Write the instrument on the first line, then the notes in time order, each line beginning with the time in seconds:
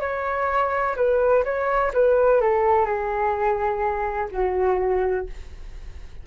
flute
0.00 C#5
0.96 B4
1.44 C#5
1.93 B4
2.41 A4
2.86 G#4
4.31 F#4